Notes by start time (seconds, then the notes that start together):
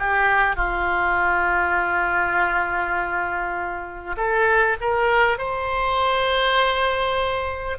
0.00 G4
0.57 F4
4.17 A4
4.82 A#4
5.38 C5